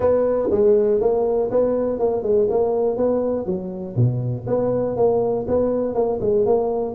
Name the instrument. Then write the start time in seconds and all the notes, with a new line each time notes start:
tuba
0.00 B3
0.50 G#3
1.00 A#3
1.50 B3
1.99 A#3
2.22 G#3
2.49 A#3
2.96 B3
3.46 F#3
3.95 B2
4.46 B3
4.96 A#3
5.47 B3
5.94 A#3
6.21 G#3
6.45 A#3